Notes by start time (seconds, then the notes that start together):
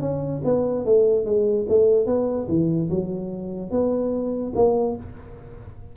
0.00 C#4
0.44 B3
0.85 A3
1.25 G#3
1.69 A3
2.06 B3
2.48 E3
2.90 F#3
3.70 B3
4.55 A#3